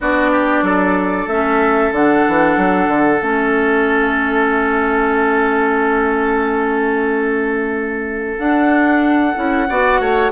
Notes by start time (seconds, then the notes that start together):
0.00 B3 D4 F#4 D5
0.31 G4
0.62 F#3 A4
1.26 A3 C#4 E5
1.92 D3 D4 F#5
2.27 E3
2.57 F#3
2.87 D3
3.20 A3 C#4 E5
8.38 D4 F#5
9.35 C#4 E4
9.68 B3 F#4 D5
10.00 A3 C#5